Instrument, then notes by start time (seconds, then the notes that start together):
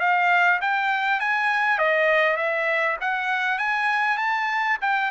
trumpet
0.00 F5
0.61 G5
1.20 G#5
1.79 D#5
2.37 E5
3.01 F#5
3.58 G#5
4.18 A5
4.81 G5